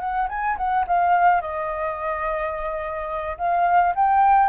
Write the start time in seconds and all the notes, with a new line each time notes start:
0.00 F#5
0.29 G#5
0.57 F#5
0.87 F5
1.41 D#5
3.38 F5
3.95 G5